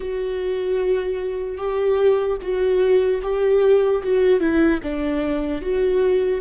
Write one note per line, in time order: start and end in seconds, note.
0.00 1.57 F#4
1.57 2.37 G4
2.41 3.21 F#4
3.22 4.02 G4
4.03 4.40 F#4
4.40 4.80 E4
4.82 5.61 D4
5.61 6.41 F#4